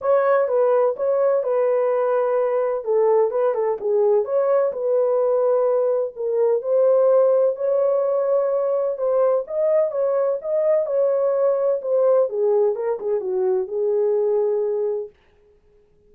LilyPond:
\new Staff \with { instrumentName = "horn" } { \time 4/4 \tempo 4 = 127 cis''4 b'4 cis''4 b'4~ | b'2 a'4 b'8 a'8 | gis'4 cis''4 b'2~ | b'4 ais'4 c''2 |
cis''2. c''4 | dis''4 cis''4 dis''4 cis''4~ | cis''4 c''4 gis'4 ais'8 gis'8 | fis'4 gis'2. | }